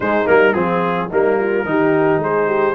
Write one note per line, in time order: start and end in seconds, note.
0.00 0.25 G#3
0.00 0.54 D#4
0.00 0.27 C5
0.25 0.54 G3
0.25 0.52 A#3
0.25 0.53 A#4
0.53 1.09 F3
0.53 1.08 C4
0.53 1.09 F4
0.53 1.08 G#4
1.09 1.65 G3
1.09 1.65 A#3
1.09 1.36 D#4
1.09 2.22 A#4
1.39 1.67 F4
1.65 2.18 D#3
1.65 2.74 D#4
1.65 2.22 G4
2.18 2.73 G#3
2.18 2.46 G#4
2.18 2.74 C5
2.46 2.74 G4